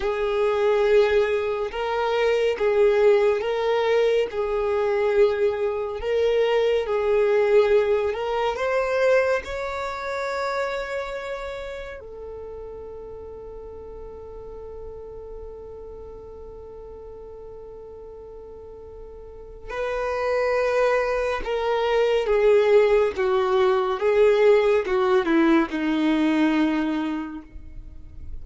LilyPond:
\new Staff \with { instrumentName = "violin" } { \time 4/4 \tempo 4 = 70 gis'2 ais'4 gis'4 | ais'4 gis'2 ais'4 | gis'4. ais'8 c''4 cis''4~ | cis''2 a'2~ |
a'1~ | a'2. b'4~ | b'4 ais'4 gis'4 fis'4 | gis'4 fis'8 e'8 dis'2 | }